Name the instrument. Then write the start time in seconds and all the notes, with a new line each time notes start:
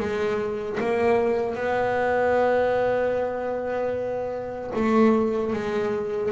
double bass
0.00 G#3
0.80 A#3
1.55 B3
4.75 A3
5.53 G#3